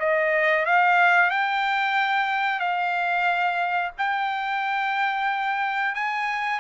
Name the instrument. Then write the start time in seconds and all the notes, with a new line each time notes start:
trumpet
0.00 D#5
0.66 F5
1.31 G5
2.60 F5
3.98 G5
5.95 G#5